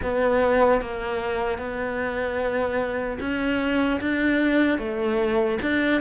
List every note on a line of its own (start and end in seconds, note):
0.02 0.81 B3
0.81 1.58 A#3
1.58 3.18 B3
3.20 4.00 C#4
4.00 4.78 D4
4.78 5.58 A3
5.62 6.01 D4